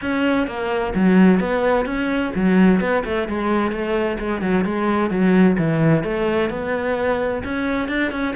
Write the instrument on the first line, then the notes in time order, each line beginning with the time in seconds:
cello
0.01 C#4
0.47 A#3
0.94 F#3
1.40 B3
1.85 C#4
2.35 F#3
2.80 B3
3.04 A3
3.28 G#3
3.71 A3
4.19 G#3
4.41 F#3
4.64 G#3
5.10 F#3
5.58 E3
6.03 A3
6.50 B3
7.44 C#4
7.88 D4
8.11 C#4